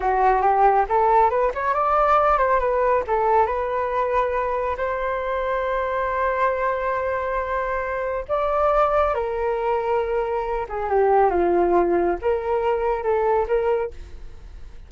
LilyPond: \new Staff \with { instrumentName = "flute" } { \time 4/4 \tempo 4 = 138 fis'4 g'4 a'4 b'8 cis''8 | d''4. c''8 b'4 a'4 | b'2. c''4~ | c''1~ |
c''2. d''4~ | d''4 ais'2.~ | ais'8 gis'8 g'4 f'2 | ais'2 a'4 ais'4 | }